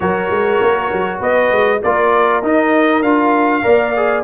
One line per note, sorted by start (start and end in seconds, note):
0.00 0.30 F#3
0.00 1.79 F#4
0.00 1.19 A#4
0.00 1.20 C#5
0.30 0.60 G#3
0.61 0.91 A#3
0.92 1.20 F#3
1.19 1.51 B3
1.19 1.80 B4
1.19 1.82 D#5
1.51 1.81 G#3
1.82 2.42 A#3
1.82 2.43 F4
1.82 3.64 A#4
1.82 2.43 D5
2.42 3.02 D#4
2.42 3.03 D#4
2.42 3.02 D#5
3.02 3.62 D4
3.02 3.62 F4
3.02 4.23 F5
3.62 4.23 A#3
3.62 3.92 A#4
3.62 4.23 D5
3.96 4.23 G#4